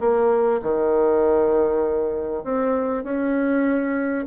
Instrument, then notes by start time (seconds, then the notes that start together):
bassoon
0.00 A#3
0.63 D#3
2.44 C4
3.04 C#4